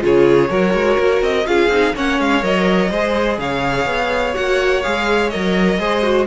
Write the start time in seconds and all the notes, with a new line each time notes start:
0.00 C#3 F4 G#4 C#5
0.49 F#3 F#4 A#4
0.73 G#3
0.98 A#3
1.22 C4 D#5
1.46 C#4 F4 G#4 F5
1.68 C4 D#4
1.95 A#3 C#4 C#5 F#5
2.19 G#3 F5
2.42 F#3 A#4 D#5
2.90 G#3 G#4 C5
3.38 C#3 C#5 F5
3.85 B3
4.33 A#3 F#4 F#5
4.82 G#3 G#4 F5
5.30 F#3 A#4 D#5
5.78 G#3 G#4 C5
6.03 F#4